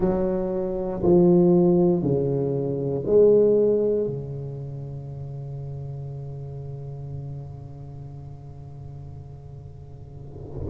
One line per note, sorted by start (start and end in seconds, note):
0.00 1.02 F#3
1.03 2.02 F3
2.02 3.04 C#3
3.06 4.07 G#3
4.07 10.68 C#3